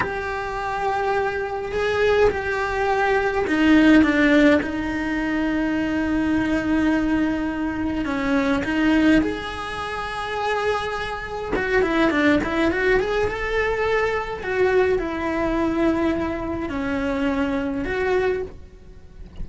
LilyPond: \new Staff \with { instrumentName = "cello" } { \time 4/4 \tempo 4 = 104 g'2. gis'4 | g'2 dis'4 d'4 | dis'1~ | dis'2 cis'4 dis'4 |
gis'1 | fis'8 e'8 d'8 e'8 fis'8 gis'8 a'4~ | a'4 fis'4 e'2~ | e'4 cis'2 fis'4 | }